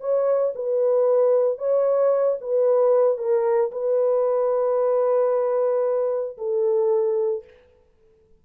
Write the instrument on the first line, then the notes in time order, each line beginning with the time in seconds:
horn
0.00 C#5
0.55 B4
1.58 C#5
2.41 B4
3.17 A#4
3.71 B4
6.37 A4